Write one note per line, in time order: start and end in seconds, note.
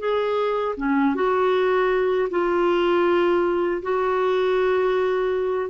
0.00 0.76 G#4
0.77 1.15 C#4
1.16 2.30 F#4
2.31 3.83 F4
3.83 5.71 F#4